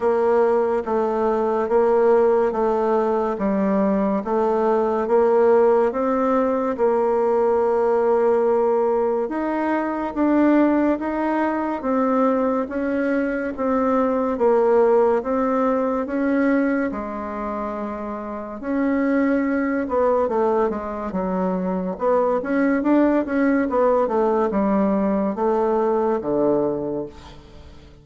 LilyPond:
\new Staff \with { instrumentName = "bassoon" } { \time 4/4 \tempo 4 = 71 ais4 a4 ais4 a4 | g4 a4 ais4 c'4 | ais2. dis'4 | d'4 dis'4 c'4 cis'4 |
c'4 ais4 c'4 cis'4 | gis2 cis'4. b8 | a8 gis8 fis4 b8 cis'8 d'8 cis'8 | b8 a8 g4 a4 d4 | }